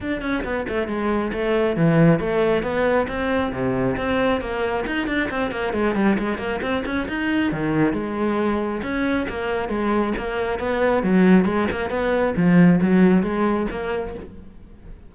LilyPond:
\new Staff \with { instrumentName = "cello" } { \time 4/4 \tempo 4 = 136 d'8 cis'8 b8 a8 gis4 a4 | e4 a4 b4 c'4 | c4 c'4 ais4 dis'8 d'8 | c'8 ais8 gis8 g8 gis8 ais8 c'8 cis'8 |
dis'4 dis4 gis2 | cis'4 ais4 gis4 ais4 | b4 fis4 gis8 ais8 b4 | f4 fis4 gis4 ais4 | }